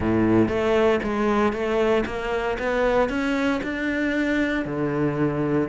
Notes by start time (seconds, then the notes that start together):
0.00 A2
0.48 A3
1.03 G#3
1.52 A3
2.05 A#3
2.59 B3
3.09 C#4
3.63 D4
4.65 D3